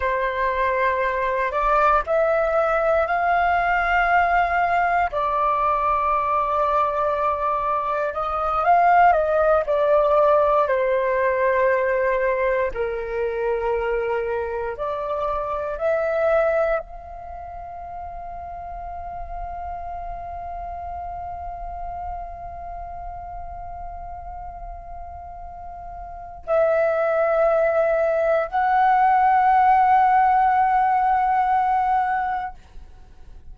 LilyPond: \new Staff \with { instrumentName = "flute" } { \time 4/4 \tempo 4 = 59 c''4. d''8 e''4 f''4~ | f''4 d''2. | dis''8 f''8 dis''8 d''4 c''4.~ | c''8 ais'2 d''4 e''8~ |
e''8 f''2.~ f''8~ | f''1~ | f''2 e''2 | fis''1 | }